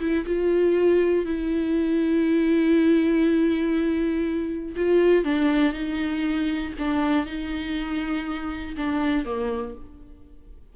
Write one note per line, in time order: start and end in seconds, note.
0.00 0.25 E4
0.26 1.25 F4
1.25 4.75 E4
4.76 5.24 F4
5.24 5.73 D4
5.73 6.73 D#4
6.78 7.26 D4
7.26 8.76 D#4
8.77 9.25 D4
9.25 9.75 A#3